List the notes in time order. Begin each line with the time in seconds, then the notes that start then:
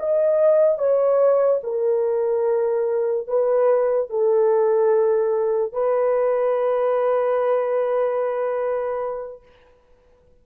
0.00 D#5
0.79 C#5
1.64 A#4
3.28 B4
4.10 A4
5.73 B4